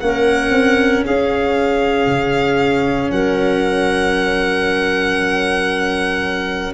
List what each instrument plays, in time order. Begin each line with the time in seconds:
0.00 tuba A#3, cello C#4, clarinet A#4, violin F#5
0.51 tuba C4
1.05 tuba C#4, clarinet G#4, violin F5
2.06 tuba C#3
3.11 tuba F#3, clarinet A#4, violin F#5